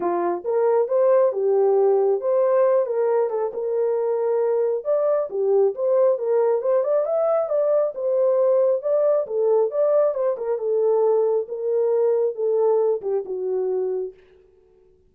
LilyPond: \new Staff \with { instrumentName = "horn" } { \time 4/4 \tempo 4 = 136 f'4 ais'4 c''4 g'4~ | g'4 c''4. ais'4 a'8 | ais'2. d''4 | g'4 c''4 ais'4 c''8 d''8 |
e''4 d''4 c''2 | d''4 a'4 d''4 c''8 ais'8 | a'2 ais'2 | a'4. g'8 fis'2 | }